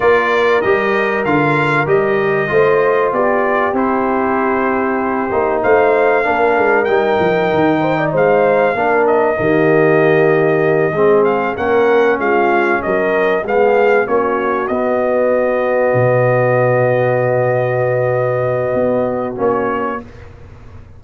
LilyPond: <<
  \new Staff \with { instrumentName = "trumpet" } { \time 4/4 \tempo 4 = 96 d''4 dis''4 f''4 dis''4~ | dis''4 d''4 c''2~ | c''4 f''2 g''4~ | g''4 f''4. dis''4.~ |
dis''2 f''8 fis''4 f''8~ | f''8 dis''4 f''4 cis''4 dis''8~ | dis''1~ | dis''2. cis''4 | }
  \new Staff \with { instrumentName = "horn" } { \time 4/4 ais'1 | c''4 g'2.~ | g'4 c''4 ais'2~ | ais'8 c''16 d''16 c''4 ais'4 g'4~ |
g'4. gis'4 ais'4 f'8~ | f'8 ais'4 gis'4 fis'4.~ | fis'1~ | fis'1 | }
  \new Staff \with { instrumentName = "trombone" } { \time 4/4 f'4 g'4 f'4 g'4 | f'2 e'2~ | e'8 dis'4. d'4 dis'4~ | dis'2 d'4 ais4~ |
ais4. c'4 cis'4.~ | cis'4. b4 cis'4 b8~ | b1~ | b2. cis'4 | }
  \new Staff \with { instrumentName = "tuba" } { \time 4/4 ais4 g4 d4 g4 | a4 b4 c'2~ | c'8 ais8 a4 ais8 gis8 g8 f8 | dis4 gis4 ais4 dis4~ |
dis4. gis4 ais4 gis8~ | gis8 fis4 gis4 ais4 b8~ | b4. b,2~ b,8~ | b,2 b4 ais4 | }
>>